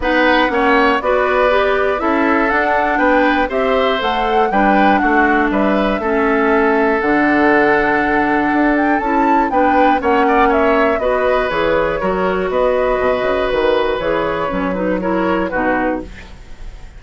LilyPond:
<<
  \new Staff \with { instrumentName = "flute" } { \time 4/4 \tempo 4 = 120 fis''2 d''2 | e''4 fis''4 g''4 e''4 | fis''4 g''4 fis''4 e''4~ | e''2 fis''2~ |
fis''4. g''8 a''4 g''4 | fis''4 e''4 dis''4 cis''4~ | cis''4 dis''2 b'4 | cis''4. b'8 cis''4 b'4 | }
  \new Staff \with { instrumentName = "oboe" } { \time 4/4 b'4 cis''4 b'2 | a'2 b'4 c''4~ | c''4 b'4 fis'4 b'4 | a'1~ |
a'2. b'4 | cis''8 d''8 cis''4 b'2 | ais'4 b'2.~ | b'2 ais'4 fis'4 | }
  \new Staff \with { instrumentName = "clarinet" } { \time 4/4 dis'4 cis'4 fis'4 g'4 | e'4 d'2 g'4 | a'4 d'2. | cis'2 d'2~ |
d'2 e'4 d'4 | cis'2 fis'4 gis'4 | fis'1 | gis'4 cis'8 dis'8 e'4 dis'4 | }
  \new Staff \with { instrumentName = "bassoon" } { \time 4/4 b4 ais4 b2 | cis'4 d'4 b4 c'4 | a4 g4 a4 g4 | a2 d2~ |
d4 d'4 cis'4 b4 | ais2 b4 e4 | fis4 b4 b,8 cis8 dis4 | e4 fis2 b,4 | }
>>